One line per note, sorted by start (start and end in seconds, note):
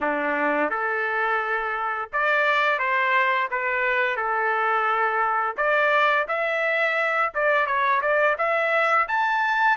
0.01 0.69 D4
0.69 2.09 A4
2.12 2.78 D5
2.78 3.48 C5
3.50 4.16 B4
4.16 5.56 A4
5.56 6.26 D5
6.28 7.33 E5
7.34 7.66 D5
7.66 8.01 C#5
8.01 8.36 D5
8.38 9.07 E5
9.08 9.77 A5